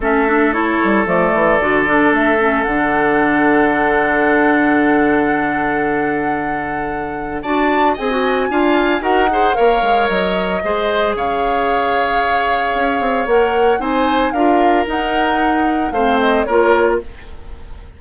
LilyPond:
<<
  \new Staff \with { instrumentName = "flute" } { \time 4/4 \tempo 4 = 113 e''4 cis''4 d''2 | e''4 fis''2.~ | fis''1~ | fis''2 a''4 gis''4~ |
gis''4 fis''4 f''4 dis''4~ | dis''4 f''2.~ | f''4 fis''4 gis''4 f''4 | fis''2 f''8 dis''8 cis''4 | }
  \new Staff \with { instrumentName = "oboe" } { \time 4/4 a'1~ | a'1~ | a'1~ | a'2 d''4 dis''4 |
f''4 ais'8 c''8 cis''2 | c''4 cis''2.~ | cis''2 c''4 ais'4~ | ais'2 c''4 ais'4 | }
  \new Staff \with { instrumentName = "clarinet" } { \time 4/4 cis'8 d'8 e'4 a4 fis'8 d'8~ | d'8 cis'8 d'2.~ | d'1~ | d'2 fis'4 gis'16 fis'8. |
f'4 fis'8 gis'8 ais'2 | gis'1~ | gis'4 ais'4 dis'4 f'4 | dis'2 c'4 f'4 | }
  \new Staff \with { instrumentName = "bassoon" } { \time 4/4 a4. g8 f8 e8 d4 | a4 d2.~ | d1~ | d2 d'4 c'4 |
d'4 dis'4 ais8 gis8 fis4 | gis4 cis2. | cis'8 c'8 ais4 c'4 d'4 | dis'2 a4 ais4 | }
>>